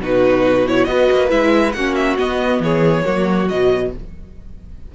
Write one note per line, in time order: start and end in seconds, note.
0.00 0.87 B2
0.00 0.66 D#4
0.00 0.90 F#4
0.00 0.68 B4
0.66 0.87 E4
0.66 0.84 C#5
0.84 1.09 B3
0.84 1.29 F#4
0.84 1.76 B4
0.84 1.28 D#5
1.12 1.31 A#3
1.29 1.74 G#3
1.29 1.72 E4
1.29 1.72 E5
1.72 2.18 A#3
1.72 2.18 C#4
1.72 2.63 F#4
1.72 1.94 F#5
1.94 2.16 E5
2.18 3.05 B3
2.18 2.59 B3
2.18 2.62 D#5
2.59 3.03 E3
2.59 3.04 G#4
2.59 3.48 C#5
3.04 3.51 F#3
3.04 3.48 A#3
3.04 3.91 F#4
3.48 3.95 B2
3.48 3.93 F#3
3.48 3.92 D#5